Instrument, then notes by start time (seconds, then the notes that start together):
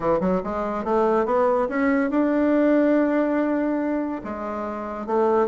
bassoon
0.00 E3
0.20 F#3
0.43 G#3
0.84 A3
1.25 B3
1.69 C#4
2.10 D4
4.24 G#3
5.06 A3